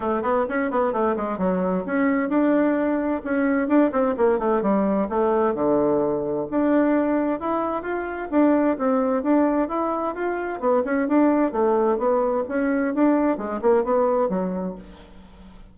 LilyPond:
\new Staff \with { instrumentName = "bassoon" } { \time 4/4 \tempo 4 = 130 a8 b8 cis'8 b8 a8 gis8 fis4 | cis'4 d'2 cis'4 | d'8 c'8 ais8 a8 g4 a4 | d2 d'2 |
e'4 f'4 d'4 c'4 | d'4 e'4 f'4 b8 cis'8 | d'4 a4 b4 cis'4 | d'4 gis8 ais8 b4 fis4 | }